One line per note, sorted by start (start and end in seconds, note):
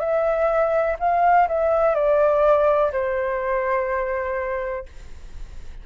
0.00 0.97 E5
1.00 1.48 F5
1.48 1.95 E5
1.95 2.92 D5
2.93 4.86 C5